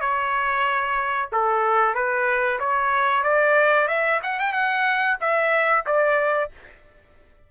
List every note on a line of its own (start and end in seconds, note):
0.00 1.29 C#5
1.32 1.94 A4
1.94 2.59 B4
2.59 3.23 C#5
3.23 3.88 D5
3.88 4.20 E5
4.23 4.39 F#5
4.39 4.52 G5
4.52 5.17 F#5
5.20 5.85 E5
5.86 6.50 D5